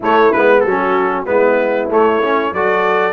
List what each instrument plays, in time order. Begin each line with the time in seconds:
0.00 trombone A3, tuba A3, horn E4, trumpet C#5
0.32 tuba G#3, trombone B3, trumpet B4
0.60 tuba F#3, horn F#4, trumpet A4
0.68 trombone C#4
1.26 tuba G#3, trombone B3, horn E4, trumpet B4
1.90 tuba A3, trombone A3, trumpet C#5
2.22 trombone C#4
2.52 tuba F#3, trombone F#4, horn A4, trumpet D5